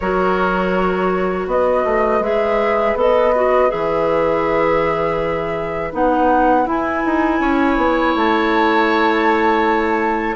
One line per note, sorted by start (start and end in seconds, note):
0.00 1.46 F#3
0.00 2.22 F#4
0.00 1.49 A#4
0.00 1.47 C#5
1.46 1.83 B3
1.46 7.40 B4
1.46 2.23 D#5
1.84 2.19 A3
2.19 2.94 G#3
2.19 2.96 G#4
2.19 2.97 E5
2.95 3.69 B3
2.95 3.33 A4
2.95 3.70 D#5
3.35 3.68 F#4
3.68 5.92 E3
3.68 5.90 G#4
3.68 5.92 E5
5.92 6.66 B3
5.92 6.65 D#4
5.92 6.68 F#5
6.65 10.35 E4
6.65 7.03 E4
6.65 8.16 G#5
7.05 7.40 D#4
7.40 7.77 C#4
7.40 10.36 C#5
7.77 8.14 B3
8.14 10.36 A3
8.14 10.36 A5